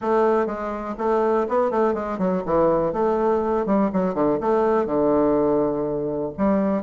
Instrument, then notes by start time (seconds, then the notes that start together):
bassoon
0.01 A3
0.46 G#3
0.98 A3
1.48 B3
1.71 A3
1.94 G#3
2.18 F#3
2.45 E3
2.92 A3
3.66 G3
3.93 F#3
4.14 D3
4.40 A3
4.86 D3
6.37 G3